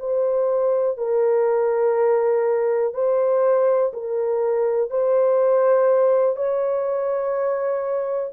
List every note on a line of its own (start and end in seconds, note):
0.00 0.98 C5
0.98 2.94 A#4
2.94 3.93 C5
3.93 4.90 A#4
4.90 6.36 C5
6.36 8.33 C#5